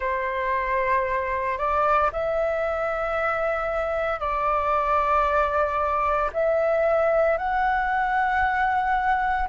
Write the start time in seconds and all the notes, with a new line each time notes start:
0.00 C5
1.58 D5
2.12 E5
4.19 D5
6.33 E5
7.37 F#5